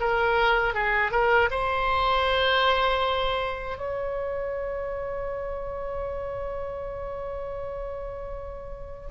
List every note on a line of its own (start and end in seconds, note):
0.00 0.74 A#4
0.74 1.12 G#4
1.12 1.49 A#4
1.51 3.78 C5
3.78 9.09 C#5